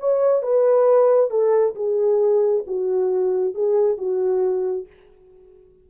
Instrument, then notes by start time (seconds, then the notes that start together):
horn
0.00 C#5
0.43 B4
1.31 A4
1.76 G#4
2.67 F#4
3.55 G#4
3.98 F#4